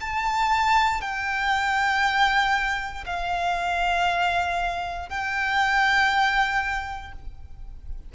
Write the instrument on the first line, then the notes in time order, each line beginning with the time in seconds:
violin
0.00 A5
1.01 G5
3.06 F5
5.09 G5